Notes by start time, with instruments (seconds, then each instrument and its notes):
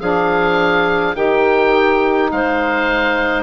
0.00 bassoon F3, saxophone D4, clarinet G#4, oboe F5
1.15 bassoon D#3, saxophone D#4, clarinet G4, oboe G5
2.32 bassoon G#3, clarinet C5, oboe F5